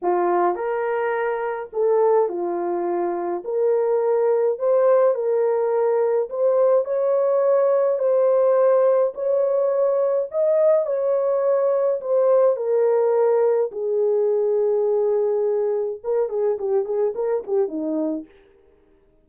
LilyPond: \new Staff \with { instrumentName = "horn" } { \time 4/4 \tempo 4 = 105 f'4 ais'2 a'4 | f'2 ais'2 | c''4 ais'2 c''4 | cis''2 c''2 |
cis''2 dis''4 cis''4~ | cis''4 c''4 ais'2 | gis'1 | ais'8 gis'8 g'8 gis'8 ais'8 g'8 dis'4 | }